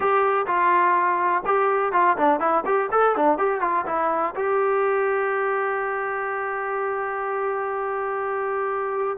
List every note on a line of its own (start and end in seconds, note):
0.00 0.46 G4
0.47 1.43 F4
1.45 1.92 G4
1.92 2.16 F4
2.17 2.40 D4
2.40 2.64 E4
2.65 2.89 G4
2.91 3.16 A4
3.16 3.38 D4
3.38 3.60 G4
3.60 3.85 F4
3.86 4.34 E4
4.35 9.17 G4